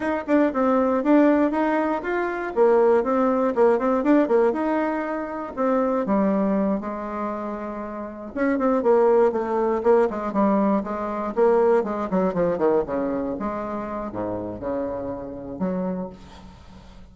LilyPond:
\new Staff \with { instrumentName = "bassoon" } { \time 4/4 \tempo 4 = 119 dis'8 d'8 c'4 d'4 dis'4 | f'4 ais4 c'4 ais8 c'8 | d'8 ais8 dis'2 c'4 | g4. gis2~ gis8~ |
gis8 cis'8 c'8 ais4 a4 ais8 | gis8 g4 gis4 ais4 gis8 | fis8 f8 dis8 cis4 gis4. | gis,4 cis2 fis4 | }